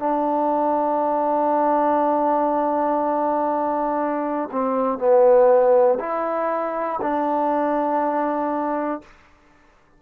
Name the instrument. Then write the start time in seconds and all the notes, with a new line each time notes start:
trombone
0.00 D4
4.52 C4
4.99 B3
6.00 E4
7.02 D4